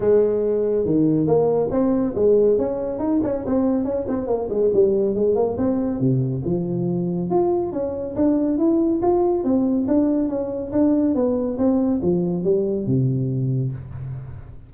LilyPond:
\new Staff \with { instrumentName = "tuba" } { \time 4/4 \tempo 4 = 140 gis2 dis4 ais4 | c'4 gis4 cis'4 dis'8 cis'8 | c'4 cis'8 c'8 ais8 gis8 g4 | gis8 ais8 c'4 c4 f4~ |
f4 f'4 cis'4 d'4 | e'4 f'4 c'4 d'4 | cis'4 d'4 b4 c'4 | f4 g4 c2 | }